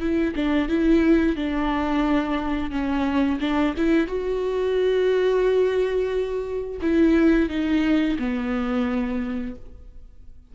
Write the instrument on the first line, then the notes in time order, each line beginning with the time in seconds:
viola
0.00 E4
0.36 D4
0.68 E4
1.36 D4
2.71 C#4
3.41 D4
3.77 E4
4.07 F#4
6.82 E4
7.49 D#4
8.19 B3